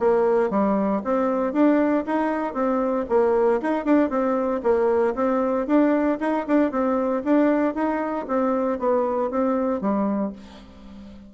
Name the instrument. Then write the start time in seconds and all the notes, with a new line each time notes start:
bassoon
0.00 A#3
0.51 G3
1.05 C4
1.53 D4
2.07 D#4
2.54 C4
3.10 A#3
3.62 D#4
3.85 D4
4.10 C4
4.63 A#3
5.16 C4
5.68 D4
6.21 D#4
6.48 D4
6.72 C4
7.25 D4
7.75 D#4
8.29 C4
8.80 B3
9.31 C4
9.82 G3